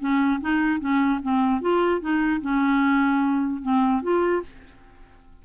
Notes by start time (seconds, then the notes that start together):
0.00 C#4
0.41 D#4
0.80 C#4
1.22 C4
1.61 F4
2.01 D#4
2.41 C#4
3.62 C4
4.02 F4